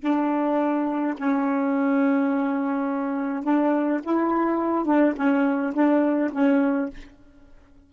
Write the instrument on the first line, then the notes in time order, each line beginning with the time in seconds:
saxophone
0.00 D4
1.17 C#4
3.43 D4
4.03 E4
4.85 D4
5.16 C#4
5.73 D4
6.32 C#4